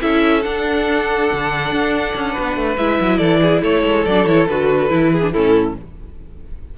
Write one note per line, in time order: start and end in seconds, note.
0.00 0.45 C#4
0.00 0.43 E4
0.00 2.32 A4
0.00 0.42 E5
0.42 2.77 D4
0.42 1.30 D4
0.42 2.76 F#5
1.32 1.71 D3
1.71 2.14 D4
2.15 2.36 C#4
2.32 3.17 B4
2.38 2.56 B3
2.56 2.77 A3
2.76 2.99 G#3
2.76 4.06 E4
2.76 3.17 E5
3.00 3.19 F#3
3.17 3.62 E3
3.17 3.39 A4
3.17 3.60 D5
3.41 3.61 G#4
3.61 3.83 A3
3.61 5.10 A4
3.61 4.05 C#5
3.85 4.06 G#3
4.05 4.26 F#3
4.05 4.27 D4
4.05 4.26 D5
4.26 4.47 E3
4.26 4.48 E4
4.26 4.47 C#5
4.48 4.90 D3
4.48 4.89 F#4
4.48 5.31 B4
4.89 5.33 E3
4.89 5.21 E4
5.12 5.33 G#4
5.21 5.32 D4
5.31 5.76 A2
5.31 5.77 C#4
5.31 5.76 E4
5.31 5.74 A4